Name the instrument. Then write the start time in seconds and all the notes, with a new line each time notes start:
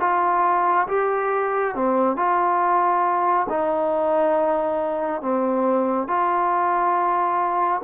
trombone
0.00 F4
0.88 G4
1.75 C4
2.16 F4
3.49 D#4
5.22 C4
6.08 F4